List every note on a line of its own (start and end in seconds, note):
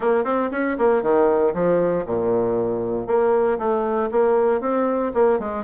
0.00 0.24 A#3
0.24 0.50 C4
0.51 0.77 C#4
0.77 1.02 A#3
1.02 1.53 D#3
1.54 2.05 F3
2.06 3.07 A#2
3.07 3.58 A#3
3.58 4.09 A3
4.11 4.61 A#3
4.61 5.12 C4
5.14 5.39 A#3
5.39 5.64 G#3